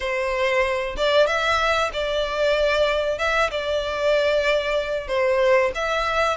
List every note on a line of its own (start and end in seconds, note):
0.00 0.95 C5
0.97 1.26 D5
1.26 1.90 E5
1.93 3.18 D5
3.18 3.50 E5
3.50 5.07 D5
5.07 5.71 C5
5.74 6.37 E5